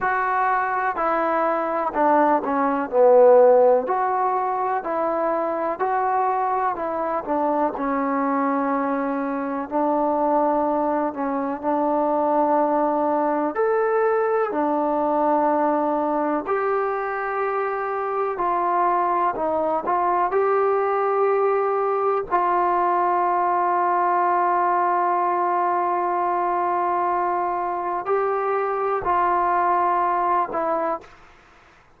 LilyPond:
\new Staff \with { instrumentName = "trombone" } { \time 4/4 \tempo 4 = 62 fis'4 e'4 d'8 cis'8 b4 | fis'4 e'4 fis'4 e'8 d'8 | cis'2 d'4. cis'8 | d'2 a'4 d'4~ |
d'4 g'2 f'4 | dis'8 f'8 g'2 f'4~ | f'1~ | f'4 g'4 f'4. e'8 | }